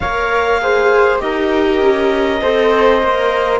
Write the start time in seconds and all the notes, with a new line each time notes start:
0.00 A#3 A#4 C#5 F5
0.60 G#4 C5
1.19 D#4 G4 A#4 D#5
1.80 C#4
2.41 C4 A4 C5
3.01 A#3 A#4